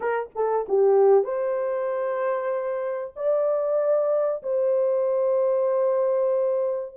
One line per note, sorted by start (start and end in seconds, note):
0.00 0.29 A#4
0.35 0.66 A4
0.68 1.24 G4
1.24 3.13 C5
3.16 4.42 D5
4.42 6.95 C5